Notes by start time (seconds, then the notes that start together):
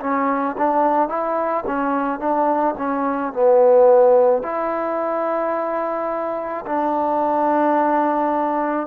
0.00 C#4
0.58 D4
1.09 E4
1.67 C#4
2.19 D4
2.78 C#4
3.33 B3
4.43 E4
6.66 D4